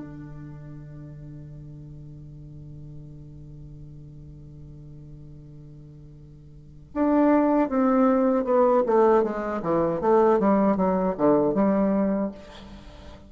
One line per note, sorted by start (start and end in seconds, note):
0.00 6.92 D3
6.95 7.69 D4
7.69 8.45 C4
8.45 8.83 B3
8.87 9.23 A3
9.23 9.62 G#3
9.63 10.01 E3
10.01 10.40 A3
10.40 10.77 G3
10.77 11.15 F#3
11.18 11.55 D3
11.55 12.31 G3